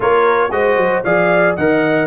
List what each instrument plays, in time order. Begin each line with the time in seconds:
0.00 tuba A#3, trombone F4, horn A#4, trumpet C#5
0.50 tuba G#3, trombone F#4, horn C5, trumpet D#5
0.76 tuba F#3
1.03 tuba F3, trombone G#4, horn D5, trumpet F5
1.55 tuba D#3, trombone A#4, horn D#5, trumpet F#5